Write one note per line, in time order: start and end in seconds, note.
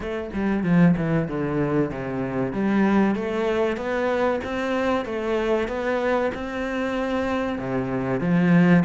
0.00 0.30 A3
0.33 0.63 G3
0.63 0.95 F3
0.96 1.28 E3
1.28 1.90 D3
1.90 2.53 C3
2.53 3.15 G3
3.15 3.76 A3
3.76 4.40 B3
4.44 5.05 C4
5.05 5.68 A3
5.68 6.31 B3
6.34 7.58 C4
7.58 8.20 C3
8.20 8.83 F3